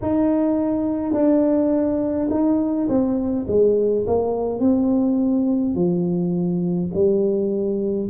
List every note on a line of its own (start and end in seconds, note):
0.01 1.13 D#4
1.13 2.28 D4
2.30 2.87 D#4
2.88 3.46 C4
3.47 4.05 G#3
4.06 4.59 A#3
4.59 5.74 C4
5.74 6.90 F3
6.93 8.09 G3